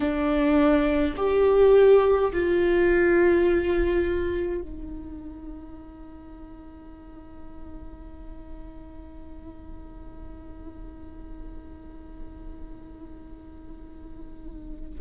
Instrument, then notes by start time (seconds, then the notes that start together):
viola
0.00 D4
1.16 G4
2.32 F4
4.61 D#4